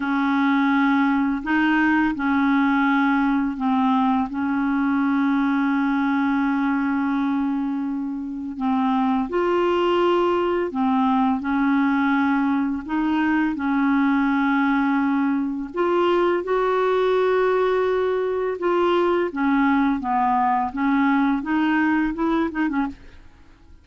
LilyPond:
\new Staff \with { instrumentName = "clarinet" } { \time 4/4 \tempo 4 = 84 cis'2 dis'4 cis'4~ | cis'4 c'4 cis'2~ | cis'1 | c'4 f'2 c'4 |
cis'2 dis'4 cis'4~ | cis'2 f'4 fis'4~ | fis'2 f'4 cis'4 | b4 cis'4 dis'4 e'8 dis'16 cis'16 | }